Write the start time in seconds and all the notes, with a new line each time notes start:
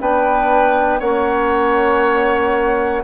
0.00 B3 D4 B4 G5
1.00 A#3 C#4 C#5 F#5